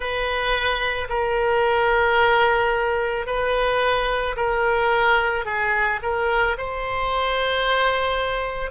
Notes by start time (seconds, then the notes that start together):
0.00 B4
1.09 A#4
3.26 B4
4.36 A#4
5.45 G#4
6.02 A#4
6.57 C5